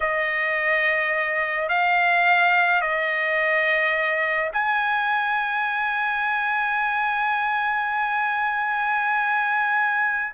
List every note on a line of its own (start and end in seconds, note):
0.00 1.68 D#5
1.68 2.81 F5
2.81 4.51 D#5
4.53 10.33 G#5